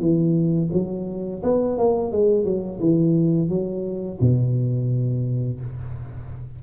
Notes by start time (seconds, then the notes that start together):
0.00 E3
0.73 F#3
1.43 B3
1.78 A#3
2.12 G#3
2.45 F#3
2.80 E3
3.49 F#3
4.21 B2